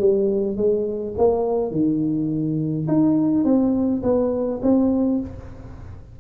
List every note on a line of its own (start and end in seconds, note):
0.00 0.57 G3
0.57 1.15 G#3
1.18 1.72 A#3
1.72 2.87 D#3
2.88 3.45 D#4
3.45 4.02 C4
4.03 4.61 B3
4.63 5.21 C4